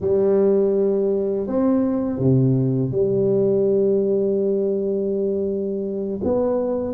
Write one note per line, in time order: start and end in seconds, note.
0.00 1.47 G3
1.47 2.18 C4
2.18 2.91 C3
2.91 6.20 G3
6.23 6.93 B3